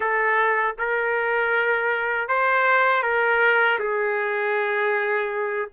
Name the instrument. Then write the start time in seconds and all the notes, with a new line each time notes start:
trumpet
0.00 A4
0.78 A#4
2.28 C5
3.02 A#4
3.79 G#4